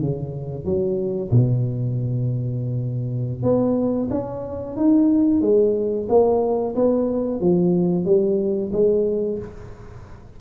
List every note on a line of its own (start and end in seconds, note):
0.00 0.64 C#3
0.64 1.30 F#3
1.30 3.43 B2
3.43 4.08 B3
4.10 4.76 C#4
4.76 5.41 D#4
5.41 6.07 G#3
6.08 6.74 A#3
6.75 7.40 B3
7.40 8.05 F3
8.05 8.71 G3
8.72 9.38 G#3